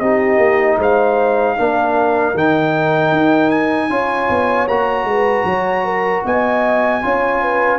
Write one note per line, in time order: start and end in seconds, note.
0.00 0.38 C4
0.00 1.57 D#4
0.00 0.78 G4
0.00 0.78 D#5
0.38 0.77 A#3
0.78 1.56 G#3
0.78 1.56 C5
0.78 2.38 F5
1.57 2.35 A#3
1.57 2.35 D4
1.57 3.90 A#4
2.35 3.12 D#3
2.35 3.90 D#4
2.35 3.50 G5
3.12 3.90 D#4
3.50 4.67 G#5
3.90 4.29 C#4
3.90 4.68 F4
3.90 5.07 C#5
4.29 4.68 B3
4.68 5.05 A#3
4.68 7.03 F#4
4.68 6.24 A#5
5.05 5.44 G#3
5.05 5.46 B4
5.44 6.22 F#3
5.44 5.85 C#5
5.85 6.24 A#4
6.25 7.03 B3
6.25 7.03 D#5
6.25 7.79 G#5
7.03 7.79 C#4
7.03 7.79 F4
7.03 7.42 C#5
7.42 7.79 B4